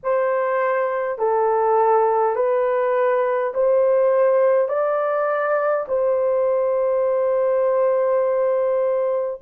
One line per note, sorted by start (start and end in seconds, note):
0.03 1.18 C5
1.18 2.35 A4
2.35 3.53 B4
3.53 4.68 C5
4.68 5.86 D5
5.88 9.41 C5